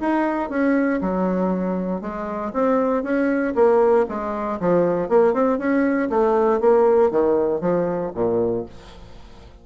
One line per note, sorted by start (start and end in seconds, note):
0.00 0.49 D#4
0.49 1.00 C#4
1.01 2.01 F#3
2.01 2.52 G#3
2.53 3.03 C4
3.03 3.54 C#4
3.55 4.06 A#3
4.08 4.59 G#3
4.60 5.08 F3
5.08 5.33 A#3
5.33 5.58 C4
5.58 6.09 C#4
6.09 6.60 A3
6.60 7.10 A#3
7.10 7.61 D#3
7.61 8.11 F3
8.14 8.65 A#2